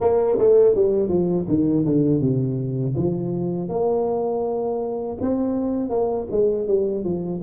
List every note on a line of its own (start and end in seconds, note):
0.00 0.37 A#3
0.38 0.75 A3
0.75 1.08 G3
1.08 1.45 F3
1.48 1.85 D#3
1.85 2.20 D3
2.20 2.94 C3
2.96 3.68 F3
3.68 5.17 A#3
5.21 5.89 C4
5.89 6.26 A#3
6.30 6.67 G#3
6.67 7.04 G3
7.04 7.41 F3